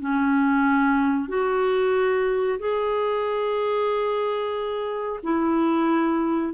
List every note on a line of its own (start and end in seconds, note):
0.00 1.28 C#4
1.28 2.58 F#4
2.59 5.20 G#4
5.23 6.53 E4